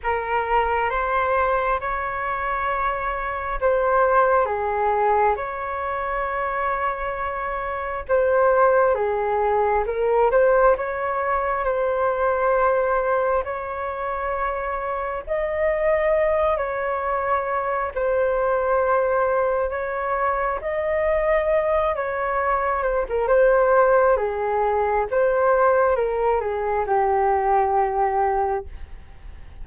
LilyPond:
\new Staff \with { instrumentName = "flute" } { \time 4/4 \tempo 4 = 67 ais'4 c''4 cis''2 | c''4 gis'4 cis''2~ | cis''4 c''4 gis'4 ais'8 c''8 | cis''4 c''2 cis''4~ |
cis''4 dis''4. cis''4. | c''2 cis''4 dis''4~ | dis''8 cis''4 c''16 ais'16 c''4 gis'4 | c''4 ais'8 gis'8 g'2 | }